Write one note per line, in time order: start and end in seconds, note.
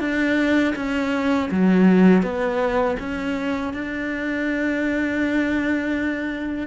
0.00 0.74 D4
0.76 1.50 C#4
1.51 2.23 F#3
2.23 2.97 B3
3.00 3.74 C#4
3.74 6.68 D4